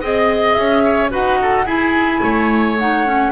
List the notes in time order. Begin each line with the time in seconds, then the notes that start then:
0.00 C4 G#4 D#5
0.53 C#4 E5
0.85 C#5
1.10 D#4 F#4 B4 F#5
1.42 A4
1.65 E4 G#4 G#5
2.23 A3 C#5
2.79 D#4 F#5
3.05 C#4